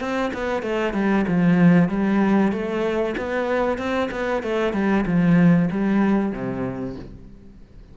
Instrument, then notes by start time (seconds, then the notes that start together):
cello
0.00 C4
0.34 B3
0.62 A3
0.94 G3
1.28 F3
1.89 G3
2.52 A3
3.17 B3
3.78 C4
4.11 B3
4.43 A3
4.73 G3
5.06 F3
5.71 G3
6.32 C3